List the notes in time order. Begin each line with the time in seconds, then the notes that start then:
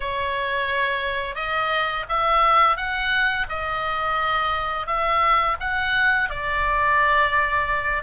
0.00 C#5
1.35 D#5
2.09 E5
2.76 F#5
3.49 D#5
4.86 E5
5.60 F#5
6.29 D5